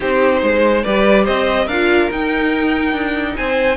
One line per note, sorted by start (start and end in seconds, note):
0.00 0.42 C4
0.00 0.84 D#4
0.00 0.42 G4
0.00 0.82 C5
0.42 0.84 G#3
0.42 0.84 C5
0.82 1.27 G3
0.82 1.68 G4
0.82 1.24 B4
0.82 1.24 D5
1.24 1.67 C4
1.24 1.64 C5
1.24 1.67 D#5
1.64 2.09 D4
1.64 3.32 A#4
1.64 2.09 F5
1.72 2.10 F4
2.10 2.92 D#4
2.10 3.76 D#4
2.10 3.36 G5
2.92 3.34 D4
3.36 3.76 C4
3.36 3.76 C5
3.36 3.76 G#5